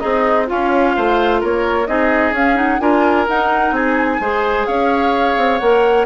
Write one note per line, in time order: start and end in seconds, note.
0.00 0.51 C4
0.00 0.47 D#4
0.00 0.47 G#4
0.00 0.47 D#5
0.47 0.97 C#4
0.47 1.86 F4
0.47 1.43 F5
0.97 1.43 A3
0.97 1.41 C5
1.41 1.88 A#3
1.41 1.87 A#4
1.41 1.87 C#5
1.87 2.32 C4
1.87 2.34 D#4
1.87 2.82 G#4
1.87 2.34 D#5
2.32 2.79 C#4
2.32 2.55 C#4
2.32 2.57 F5
2.55 2.78 D#4
2.55 2.80 F#5
2.80 3.27 D4
2.80 3.27 F4
2.80 3.75 A#4
2.80 3.26 G#5
3.28 4.21 D#4
3.28 3.72 D#4
3.28 3.74 F#5
3.72 4.18 C4
3.72 4.21 G#4
3.72 4.67 G#5
4.20 4.67 G#3
4.20 5.61 G#4
4.20 4.67 C5
4.67 5.37 C#4
4.67 6.06 C#5
4.67 5.59 F5
5.37 5.60 C4
5.59 6.06 A#3
5.59 6.06 A#4
5.59 6.05 F#5